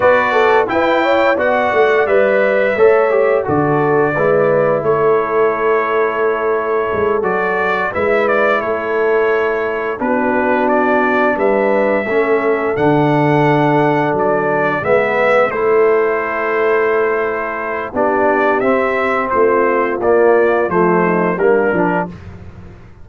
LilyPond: <<
  \new Staff \with { instrumentName = "trumpet" } { \time 4/4 \tempo 4 = 87 d''4 g''4 fis''4 e''4~ | e''4 d''2 cis''4~ | cis''2~ cis''8 d''4 e''8 | d''8 cis''2 b'4 d''8~ |
d''8 e''2 fis''4.~ | fis''8 d''4 e''4 c''4.~ | c''2 d''4 e''4 | c''4 d''4 c''4 ais'4 | }
  \new Staff \with { instrumentName = "horn" } { \time 4/4 b'8 a'8 b'8 cis''8 d''2 | cis''4 a'4 b'4 a'4~ | a'2.~ a'8 b'8~ | b'8 a'2 fis'4.~ |
fis'8 b'4 a'2~ a'8~ | a'4. b'4 a'4.~ | a'2 g'2 | f'2~ f'8 dis'8 d'4 | }
  \new Staff \with { instrumentName = "trombone" } { \time 4/4 fis'4 e'4 fis'4 b'4 | a'8 g'8 fis'4 e'2~ | e'2~ e'8 fis'4 e'8~ | e'2~ e'8 d'4.~ |
d'4. cis'4 d'4.~ | d'4. b4 e'4.~ | e'2 d'4 c'4~ | c'4 ais4 a4 ais8 d'8 | }
  \new Staff \with { instrumentName = "tuba" } { \time 4/4 b4 e'4 b8 a8 g4 | a4 d4 gis4 a4~ | a2 gis8 fis4 gis8~ | gis8 a2 b4.~ |
b8 g4 a4 d4.~ | d8 fis4 gis4 a4.~ | a2 b4 c'4 | a4 ais4 f4 g8 f8 | }
>>